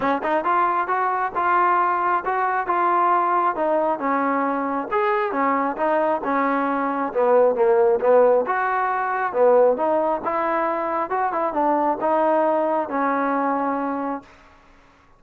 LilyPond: \new Staff \with { instrumentName = "trombone" } { \time 4/4 \tempo 4 = 135 cis'8 dis'8 f'4 fis'4 f'4~ | f'4 fis'4 f'2 | dis'4 cis'2 gis'4 | cis'4 dis'4 cis'2 |
b4 ais4 b4 fis'4~ | fis'4 b4 dis'4 e'4~ | e'4 fis'8 e'8 d'4 dis'4~ | dis'4 cis'2. | }